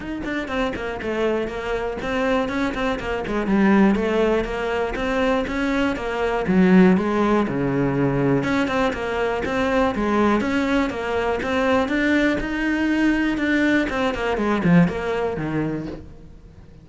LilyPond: \new Staff \with { instrumentName = "cello" } { \time 4/4 \tempo 4 = 121 dis'8 d'8 c'8 ais8 a4 ais4 | c'4 cis'8 c'8 ais8 gis8 g4 | a4 ais4 c'4 cis'4 | ais4 fis4 gis4 cis4~ |
cis4 cis'8 c'8 ais4 c'4 | gis4 cis'4 ais4 c'4 | d'4 dis'2 d'4 | c'8 ais8 gis8 f8 ais4 dis4 | }